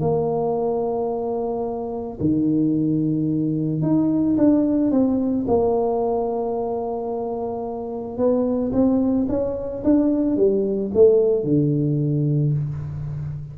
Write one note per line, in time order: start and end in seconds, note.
0.00 2.18 A#3
2.20 3.82 D#3
3.82 4.36 D#4
4.38 4.91 D4
4.91 5.45 C4
5.47 8.17 A#3
8.17 8.72 B3
8.72 9.27 C4
9.29 9.83 C#4
9.84 10.37 D4
10.37 10.91 G3
10.94 11.44 A3
11.44 12.53 D3